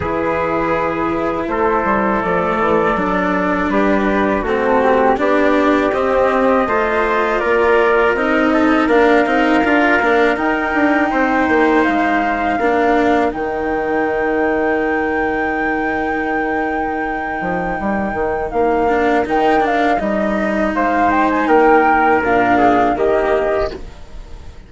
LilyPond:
<<
  \new Staff \with { instrumentName = "flute" } { \time 4/4 \tempo 4 = 81 b'2 c''4 d''4~ | d''4 b'4 a'8 g'8 d''4 | dis''2 d''4 dis''4 | f''2 g''2 |
f''2 g''2~ | g''1~ | g''4 f''4 g''8 f''8 dis''4 | f''8 g''16 gis''16 g''4 f''4 dis''4 | }
  \new Staff \with { instrumentName = "trumpet" } { \time 4/4 gis'2 a'2~ | a'4 g'4 fis'4 g'4~ | g'4 c''4 ais'4. a'8 | ais'2. c''4~ |
c''4 ais'2.~ | ais'1~ | ais'1 | c''4 ais'4. gis'8 g'4 | }
  \new Staff \with { instrumentName = "cello" } { \time 4/4 e'2. a4 | d'2 c'4 d'4 | c'4 f'2 dis'4 | d'8 dis'8 f'8 d'8 dis'2~ |
dis'4 d'4 dis'2~ | dis'1~ | dis'4. d'8 dis'8 d'8 dis'4~ | dis'2 d'4 ais4 | }
  \new Staff \with { instrumentName = "bassoon" } { \time 4/4 e2 a8 g8 f8 e8 | fis4 g4 a4 b4 | c'4 a4 ais4 c'4 | ais8 c'8 d'8 ais8 dis'8 d'8 c'8 ais8 |
gis4 ais4 dis2~ | dis2.~ dis8 f8 | g8 dis8 ais4 dis4 g4 | gis4 ais4 ais,4 dis4 | }
>>